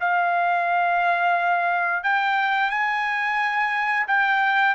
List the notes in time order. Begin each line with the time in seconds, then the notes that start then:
0.00 F5
2.03 G5
2.70 G#5
4.07 G5